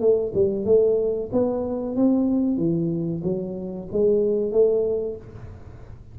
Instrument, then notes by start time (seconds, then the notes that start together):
tuba
0.00 A3
0.34 G3
0.65 A3
1.32 B3
1.96 C4
2.57 E3
3.23 F#3
3.92 G#3
4.52 A3